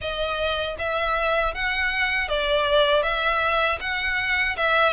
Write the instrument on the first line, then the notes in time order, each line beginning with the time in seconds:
violin
0.01 D#5
0.78 E5
1.54 F#5
2.28 D5
3.02 E5
3.80 F#5
4.56 E5